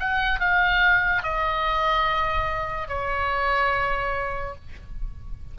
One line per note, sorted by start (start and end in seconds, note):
0.00 0.40 F#5
0.40 1.23 F5
1.23 2.89 D#5
2.89 4.55 C#5